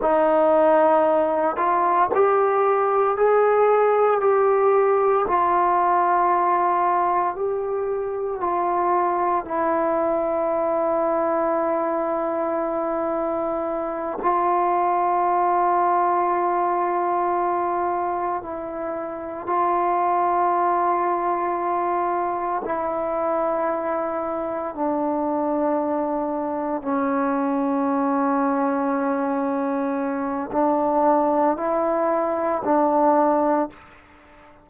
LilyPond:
\new Staff \with { instrumentName = "trombone" } { \time 4/4 \tempo 4 = 57 dis'4. f'8 g'4 gis'4 | g'4 f'2 g'4 | f'4 e'2.~ | e'4. f'2~ f'8~ |
f'4. e'4 f'4.~ | f'4. e'2 d'8~ | d'4. cis'2~ cis'8~ | cis'4 d'4 e'4 d'4 | }